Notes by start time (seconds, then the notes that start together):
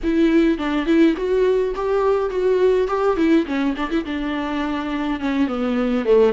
0.03 E4
0.57 D4
0.85 E4
1.16 F#4
1.75 G4
2.30 F#4
2.87 G4
3.16 E4
3.46 C#4
3.76 D4
3.90 E4
4.05 D4
5.20 C#4
5.47 B3
6.05 A3